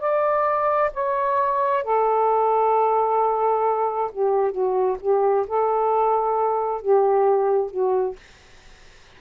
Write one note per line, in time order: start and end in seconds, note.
0.00 0.91 D5
0.94 1.84 C#5
1.84 4.11 A4
4.12 4.52 G4
4.52 4.97 F#4
5.01 5.46 G4
5.48 6.82 A4
6.82 7.71 G4
7.71 8.17 F#4